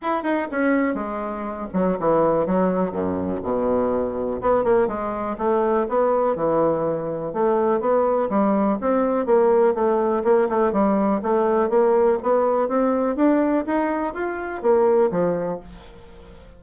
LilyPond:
\new Staff \with { instrumentName = "bassoon" } { \time 4/4 \tempo 4 = 123 e'8 dis'8 cis'4 gis4. fis8 | e4 fis4 fis,4 b,4~ | b,4 b8 ais8 gis4 a4 | b4 e2 a4 |
b4 g4 c'4 ais4 | a4 ais8 a8 g4 a4 | ais4 b4 c'4 d'4 | dis'4 f'4 ais4 f4 | }